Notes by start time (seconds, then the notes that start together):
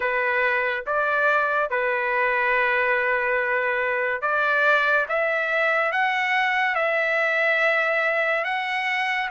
0.00 B4
0.86 D5
1.69 B4
4.21 D5
5.08 E5
5.92 F#5
6.75 E5
8.44 F#5